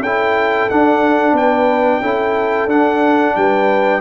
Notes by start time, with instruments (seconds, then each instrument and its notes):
0.00 tuba C#4, trombone E4, horn A4, trumpet G5
0.70 trombone D4, tuba D4, trumpet F#5
1.32 tuba B3, horn B4, trumpet G5
2.01 tuba C#4, trombone E4, horn A4
2.67 tuba D4, trombone D4, trumpet F#5
3.35 tuba G3, horn B4, trumpet G5